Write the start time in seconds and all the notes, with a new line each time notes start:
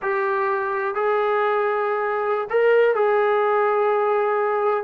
0.02 G4
0.94 G#4
2.50 A#4
2.95 G#4